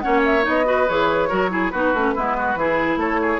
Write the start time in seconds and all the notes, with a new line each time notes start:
0.00 A#3 C#4 C#5 F#5
0.25 E5
0.42 B3 D#4 D#5
0.65 F#4 B4
0.88 E3 G#4 C#5
1.28 F#3 F#4 A#4
1.50 E4 G#4
1.70 B3 D#4 F#4 B4
1.93 A3 C#4
2.15 G#3 B3 E4
2.37 F#4
2.55 E3 E4 G#4
2.96 A3 A4 C#5
3.21 G#4